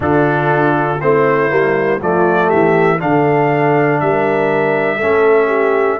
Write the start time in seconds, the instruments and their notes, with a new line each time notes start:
0.00 tuba D3, trombone D4, horn F4, trumpet A4
1.00 tuba A3, trombone C4, horn E4, trumpet C5
1.49 tuba G3, trombone A#3
2.00 tuba F3, trombone A3, horn F4, trumpet D5
2.46 horn G4, trumpet E5
2.53 tuba E3
2.99 tuba D3, trombone D4, horn A4, trumpet F5
4.00 tuba G3, horn A#4, trumpet E5
4.96 tuba A3, trombone C#4, horn A4
5.46 horn G4